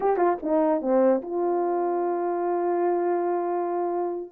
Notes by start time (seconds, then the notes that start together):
0.00 G4
0.16 F4
0.42 D#4
0.81 C4
1.22 F4